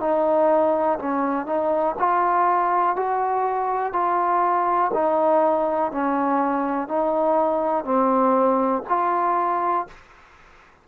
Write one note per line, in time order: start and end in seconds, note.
0.00 0.98 D#4
0.98 1.46 C#4
1.46 1.95 D#4
1.99 2.96 F4
2.96 3.93 F#4
3.93 4.91 F4
4.94 5.91 D#4
5.91 6.88 C#4
6.88 7.84 D#4
7.84 8.83 C4
8.88 9.87 F4